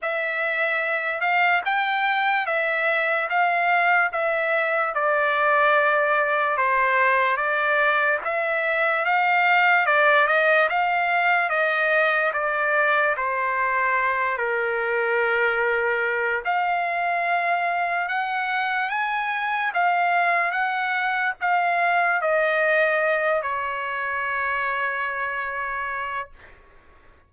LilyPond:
\new Staff \with { instrumentName = "trumpet" } { \time 4/4 \tempo 4 = 73 e''4. f''8 g''4 e''4 | f''4 e''4 d''2 | c''4 d''4 e''4 f''4 | d''8 dis''8 f''4 dis''4 d''4 |
c''4. ais'2~ ais'8 | f''2 fis''4 gis''4 | f''4 fis''4 f''4 dis''4~ | dis''8 cis''2.~ cis''8 | }